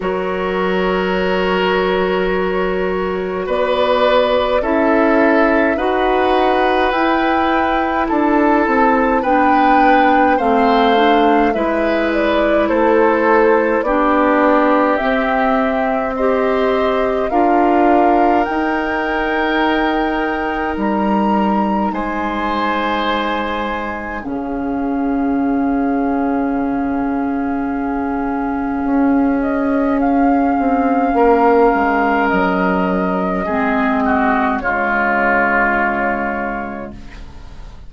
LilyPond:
<<
  \new Staff \with { instrumentName = "flute" } { \time 4/4 \tempo 4 = 52 cis''2. d''4 | e''4 fis''4 g''4 a''4 | g''4 f''4 e''8 d''8 c''4 | d''4 e''4 dis''4 f''4 |
g''2 ais''4 gis''4~ | gis''4 f''2.~ | f''4. dis''8 f''2 | dis''2 cis''2 | }
  \new Staff \with { instrumentName = "oboe" } { \time 4/4 ais'2. b'4 | a'4 b'2 a'4 | b'4 c''4 b'4 a'4 | g'2 c''4 ais'4~ |
ais'2. c''4~ | c''4 gis'2.~ | gis'2. ais'4~ | ais'4 gis'8 fis'8 f'2 | }
  \new Staff \with { instrumentName = "clarinet" } { \time 4/4 fis'1 | e'4 fis'4 e'2 | d'4 c'8 d'8 e'2 | d'4 c'4 g'4 f'4 |
dis'1~ | dis'4 cis'2.~ | cis'1~ | cis'4 c'4 gis2 | }
  \new Staff \with { instrumentName = "bassoon" } { \time 4/4 fis2. b4 | cis'4 dis'4 e'4 d'8 c'8 | b4 a4 gis4 a4 | b4 c'2 d'4 |
dis'2 g4 gis4~ | gis4 cis2.~ | cis4 cis'4. c'8 ais8 gis8 | fis4 gis4 cis2 | }
>>